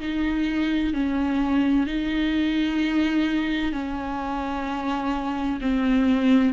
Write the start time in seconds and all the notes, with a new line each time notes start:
0.00 D#4
0.94 C#4
1.87 D#4
3.72 C#4
5.62 C4